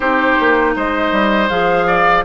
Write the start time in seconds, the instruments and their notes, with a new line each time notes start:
0.00 bassoon C4, clarinet D#4, oboe G4, flute C5
0.39 bassoon A#3
0.75 bassoon G#3, oboe C5, flute D#5
1.11 bassoon G3
1.49 bassoon F3, clarinet G#4, flute F5
1.86 oboe D5